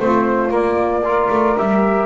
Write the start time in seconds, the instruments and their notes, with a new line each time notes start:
0.00 double bass A3, trombone C4, saxophone F4, flute C5
0.50 trombone A#3, double bass A#3, flute D5
1.05 trombone F4, saxophone A#4
1.30 double bass A3
1.58 double bass G3, trombone G4, flute E5